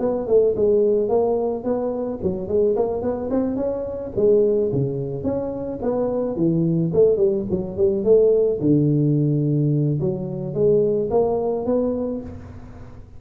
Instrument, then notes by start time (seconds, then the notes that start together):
tuba
0.00 B3
0.28 A3
0.57 G#3
1.09 A#3
1.64 B3
2.23 F#3
2.48 G#3
2.76 A#3
3.03 B3
3.31 C4
3.57 C#4
4.17 G#3
4.73 C#3
5.24 C#4
5.83 B3
6.36 E3
6.94 A3
7.17 G3
7.51 F#3
7.78 G3
8.04 A3
8.61 D3
10.01 F#3
10.55 G#3
11.11 A#3
11.66 B3